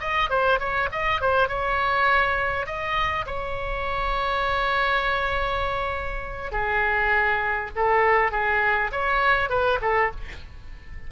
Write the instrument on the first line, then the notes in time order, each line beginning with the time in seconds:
oboe
0.00 D#5
0.29 C5
0.59 C#5
0.92 D#5
1.21 C5
1.48 C#5
2.66 D#5
3.26 C#5
6.52 G#4
7.76 A4
8.31 G#4
8.92 C#5
9.49 B4
9.81 A4